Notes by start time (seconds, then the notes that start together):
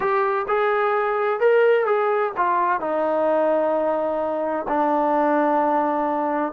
0.00 G4
0.48 G#4
1.40 A#4
1.86 G#4
2.36 F4
2.80 D#4
4.68 D4